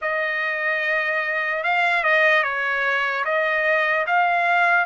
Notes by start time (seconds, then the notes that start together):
0.01 D#5
1.63 F5
2.03 D#5
2.43 C#5
3.24 D#5
4.07 F5